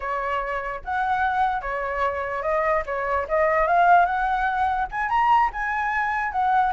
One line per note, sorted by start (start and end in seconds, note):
0.00 0.81 C#5
0.84 1.61 F#5
1.61 2.42 C#5
2.42 2.83 D#5
2.86 3.27 C#5
3.28 3.67 D#5
3.67 4.05 F5
4.05 4.87 F#5
4.91 5.09 G#5
5.09 5.50 A#5
5.52 6.32 G#5
6.32 6.72 F#5